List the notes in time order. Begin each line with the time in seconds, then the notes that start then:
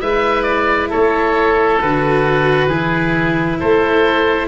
0.00 G#3 E4 B4 E5
0.43 D5
0.90 A3 A4 C#5
1.81 D3 F#4 B4
2.67 E3 E4 G#4
3.60 A3 A4 C5